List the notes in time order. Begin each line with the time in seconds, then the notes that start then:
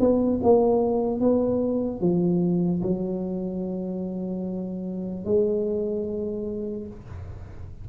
0.00 B3
0.43 A#3
1.20 B3
2.01 F3
2.82 F#3
5.25 G#3